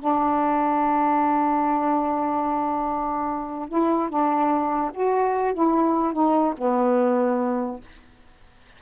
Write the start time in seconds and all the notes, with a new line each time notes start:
0.00 D4
3.69 E4
4.10 D4
4.94 F#4
5.54 E4
6.13 D#4
6.58 B3